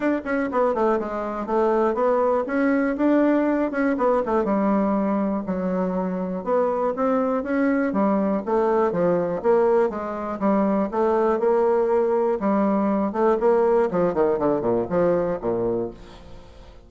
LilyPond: \new Staff \with { instrumentName = "bassoon" } { \time 4/4 \tempo 4 = 121 d'8 cis'8 b8 a8 gis4 a4 | b4 cis'4 d'4. cis'8 | b8 a8 g2 fis4~ | fis4 b4 c'4 cis'4 |
g4 a4 f4 ais4 | gis4 g4 a4 ais4~ | ais4 g4. a8 ais4 | f8 dis8 d8 ais,8 f4 ais,4 | }